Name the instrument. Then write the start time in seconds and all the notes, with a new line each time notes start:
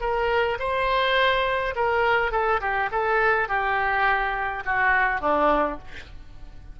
oboe
0.00 A#4
0.59 C5
1.75 A#4
2.31 A4
2.61 G4
2.91 A4
3.48 G4
4.65 F#4
5.20 D4